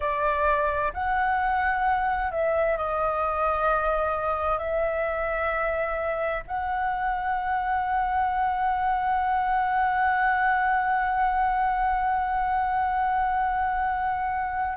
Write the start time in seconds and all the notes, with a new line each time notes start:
0.00 D5
0.93 F#5
2.31 E5
2.77 D#5
4.58 E5
6.47 F#5